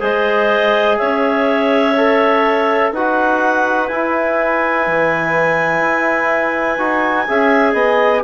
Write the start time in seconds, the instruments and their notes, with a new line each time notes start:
0.00 bassoon G#3, trombone G#4, clarinet C5 D#5
0.98 bassoon C#4, clarinet C#5 E5
1.97 trombone A4
2.92 bassoon D#4, trombone F#4, clarinet B4 F#5
3.88 trombone E4, bassoon E4, clarinet G#5
4.87 bassoon E3
5.81 bassoon E4
6.78 bassoon D#4, trombone F#4
7.27 bassoon C#4, trombone G#4, clarinet E5
7.73 bassoon B3, clarinet D#5